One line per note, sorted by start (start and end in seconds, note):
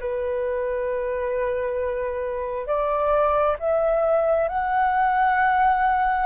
0.00 2.67 B4
2.67 3.57 D5
3.59 4.49 E5
4.49 6.26 F#5